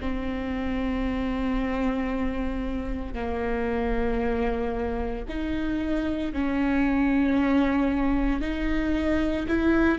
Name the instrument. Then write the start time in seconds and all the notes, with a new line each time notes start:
viola
0.00 C4
3.14 A#3
5.29 D#4
6.33 C#4
8.41 D#4
9.48 E4